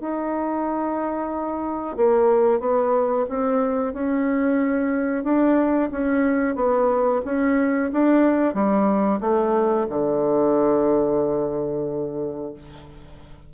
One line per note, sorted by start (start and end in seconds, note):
0.00 1.96 D#4
1.96 2.59 A#3
2.59 3.25 B3
3.29 3.93 C4
3.93 5.24 C#4
5.24 5.90 D4
5.91 6.55 C#4
6.55 7.21 B3
7.25 7.91 C#4
7.92 8.54 D4
8.54 9.20 G3
9.20 9.86 A3
9.89 12.53 D3